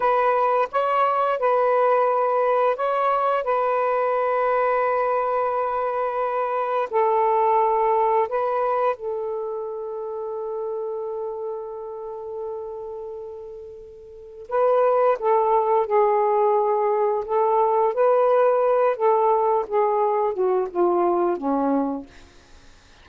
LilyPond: \new Staff \with { instrumentName = "saxophone" } { \time 4/4 \tempo 4 = 87 b'4 cis''4 b'2 | cis''4 b'2.~ | b'2 a'2 | b'4 a'2.~ |
a'1~ | a'4 b'4 a'4 gis'4~ | gis'4 a'4 b'4. a'8~ | a'8 gis'4 fis'8 f'4 cis'4 | }